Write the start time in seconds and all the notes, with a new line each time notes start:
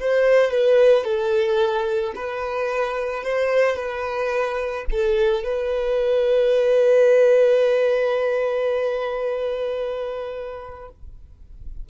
0.00 C5
0.51 B4
1.04 A4
2.16 B4
3.24 C5
3.76 B4
4.91 A4
5.44 B4